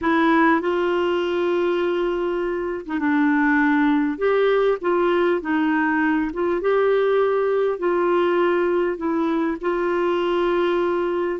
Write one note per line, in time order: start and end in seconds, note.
0.01 0.60 E4
0.60 2.85 F4
2.86 2.99 D#4
2.99 4.18 D4
4.18 4.78 G4
4.81 5.41 F4
5.41 6.31 D#4
6.33 6.61 F4
6.61 7.78 G4
7.78 8.97 F4
8.97 9.57 E4
9.61 11.39 F4